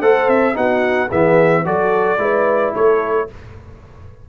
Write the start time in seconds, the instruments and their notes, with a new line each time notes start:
0.00 tuba A3, trombone A4, horn C5, trumpet F#5
0.28 tuba C4, trumpet E5
0.54 tuba B3, trombone D#4, horn F#4, trumpet F#5
1.08 tuba E3, trombone B3, horn G#4, trumpet E5
1.65 tuba F#3, trombone F#4, horn A4, trumpet D5
2.18 tuba G#3, trombone E4, horn B4
2.74 tuba A3, horn A4, trumpet C#5